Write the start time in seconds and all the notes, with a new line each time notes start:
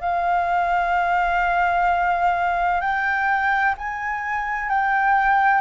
0.00 F5
2.80 G5
3.78 G#5
4.69 G5